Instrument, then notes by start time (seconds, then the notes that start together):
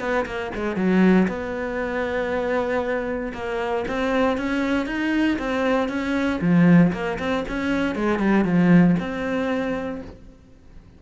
cello
0.00 B3
0.26 A#3
0.55 G#3
0.76 F#3
1.28 B3
3.34 A#3
3.88 C4
4.38 C#4
4.86 D#4
5.39 C4
5.89 C#4
6.41 F3
6.93 A#3
7.19 C4
7.48 C#4
7.96 G#3
8.19 G3
8.45 F3
9.00 C4